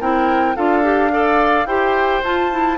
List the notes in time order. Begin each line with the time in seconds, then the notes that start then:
0.00 C4 E4 A#4 G5
0.56 D4 F4 A4 F5
0.83 G4
1.11 A4 D5
1.65 E4 G4 C5 G5
2.23 F4 A5
2.50 E4